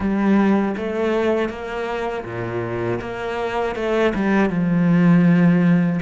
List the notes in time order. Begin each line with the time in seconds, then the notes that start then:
0.00 G3
0.77 A3
1.49 A#3
2.24 A#2
3.00 A#3
3.75 A3
4.15 G3
4.49 F3